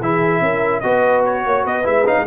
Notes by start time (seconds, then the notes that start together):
0.00 E3 E4 G#4 E5
0.40 C#4 A#4
0.80 B3 F#4 B4 D#5
1.25 C#5
1.45 A#3 C#5
1.63 B3 B4 D#5
1.83 G#3 E4 E5
2.05 C#4 D#4 F5
2.19 G#3